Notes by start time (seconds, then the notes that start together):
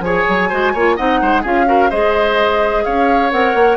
0.00 F3 G#4 C#5 G#5
0.29 F#3
0.49 G#3 F#4 C5
0.74 A#3 F4 C#5
0.96 C4 D#4 D#5 F#5
1.22 G#3 C5
1.42 C#4 F4 G#4 F5
1.66 F#4 A#4
1.90 G#3 G#4 C5 D#5
2.85 C#4 C#5 F5
3.31 C4 A#4 F#5
3.55 A#3